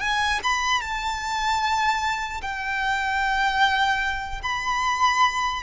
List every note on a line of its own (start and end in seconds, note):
0.00 0.40 G#5
0.43 0.81 B5
0.81 2.41 A5
2.42 4.42 G5
4.43 5.63 B5